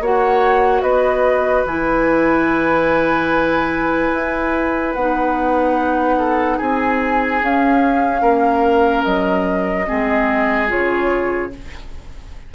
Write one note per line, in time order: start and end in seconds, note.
0.00 0.82 A#3
0.00 1.67 F#4
0.00 0.82 C#5
0.00 0.81 F#5
0.81 1.64 B3
0.81 6.16 B4
0.81 1.64 D#5
1.65 4.11 E3
1.65 4.96 E4
1.65 4.93 G#5
4.13 4.95 E4
4.93 6.59 B3
4.93 7.41 D#4
4.93 6.58 F#5
6.18 6.57 A4
6.57 7.42 C4
6.57 8.21 G#4
6.57 7.41 G#5
7.41 9.86 C#4
7.41 8.22 C#4
7.41 9.04 F5
8.21 9.04 A#3
8.21 9.86 A#4
9.04 9.87 F#3
9.04 10.68 D#5
9.86 10.72 G#3
9.86 10.67 C4
9.86 11.52 G#4
10.67 11.54 C#3
10.67 11.50 F4
10.67 11.52 C#5